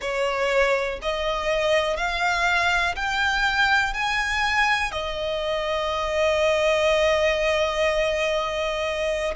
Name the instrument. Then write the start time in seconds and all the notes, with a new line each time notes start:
violin
0.01 C#5
1.01 D#5
1.97 F5
2.95 G5
3.93 G#5
4.91 D#5